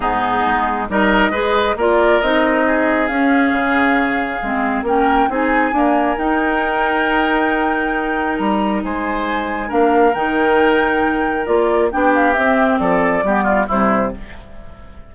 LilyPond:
<<
  \new Staff \with { instrumentName = "flute" } { \time 4/4 \tempo 4 = 136 gis'2 dis''2 | d''4 dis''2 f''4~ | f''2. g''4 | gis''2 g''2~ |
g''2. ais''4 | gis''2 f''4 g''4~ | g''2 d''4 g''8 f''8 | e''4 d''2 c''4 | }
  \new Staff \with { instrumentName = "oboe" } { \time 4/4 dis'2 ais'4 b'4 | ais'2 gis'2~ | gis'2. ais'4 | gis'4 ais'2.~ |
ais'1 | c''2 ais'2~ | ais'2. g'4~ | g'4 a'4 g'8 f'8 e'4 | }
  \new Staff \with { instrumentName = "clarinet" } { \time 4/4 b2 dis'4 gis'4 | f'4 dis'2 cis'4~ | cis'2 c'4 cis'4 | dis'4 ais4 dis'2~ |
dis'1~ | dis'2 d'4 dis'4~ | dis'2 f'4 d'4 | c'2 b4 g4 | }
  \new Staff \with { instrumentName = "bassoon" } { \time 4/4 gis,4 gis4 g4 gis4 | ais4 c'2 cis'4 | cis2 gis4 ais4 | c'4 d'4 dis'2~ |
dis'2. g4 | gis2 ais4 dis4~ | dis2 ais4 b4 | c'4 f4 g4 c4 | }
>>